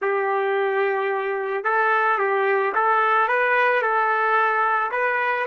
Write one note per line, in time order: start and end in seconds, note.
0.01 1.63 G4
1.63 2.18 A4
2.18 2.73 G4
2.74 3.28 A4
3.28 3.82 B4
3.82 4.91 A4
4.91 5.45 B4